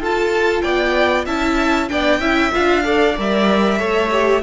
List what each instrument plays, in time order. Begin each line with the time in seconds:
0.00 cello F4, viola F4, violin A4 A5
0.62 cello B3, violin D5 G5
1.25 cello C#4, viola E4, violin E5 A5
1.89 cello B3, viola D4, violin D5 G5
2.19 cello C#4, viola E4, violin E5
2.53 cello D4, viola F4, violin F5
2.84 viola A4, violin D5
3.17 cello G3, viola A#4, violin E5
3.79 cello A3, viola A4, violin C#5
4.12 viola G4